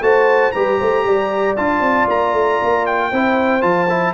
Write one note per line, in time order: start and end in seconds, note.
0.00 0.52 A3
0.00 0.53 F#4
0.00 0.53 C5
0.00 0.51 A5
0.51 0.80 G3
0.51 1.57 G4
0.51 0.78 B4
0.51 1.55 A#5
0.78 1.04 A3
0.78 1.04 C5
1.04 1.56 G3
1.04 3.10 D5
1.56 1.80 D4
1.56 3.12 F4
1.56 2.08 A5
1.80 2.06 C4
2.08 2.33 A#3
2.08 2.85 A#5
2.33 2.58 A3
2.62 3.11 A#3
2.85 3.61 G5
3.10 3.63 C4
3.10 3.61 E4
3.10 4.14 C5
3.61 4.14 F3
3.61 3.87 F4
3.61 4.13 A5
3.89 4.14 E4